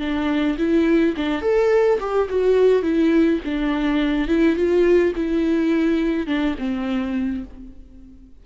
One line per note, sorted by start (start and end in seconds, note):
0.00 0.57 D4
0.58 1.15 E4
1.17 1.42 D4
1.42 1.99 A4
2.01 2.29 G4
2.30 2.83 F#4
2.83 3.40 E4
3.45 4.29 D4
4.29 4.56 E4
4.56 5.13 F4
5.16 6.27 E4
6.27 6.56 D4
6.59 7.44 C4